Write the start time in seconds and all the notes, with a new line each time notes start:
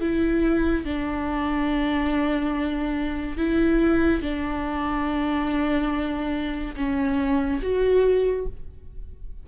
0.00 E4
0.85 D4
3.37 E4
4.21 D4
6.76 C#4
7.62 F#4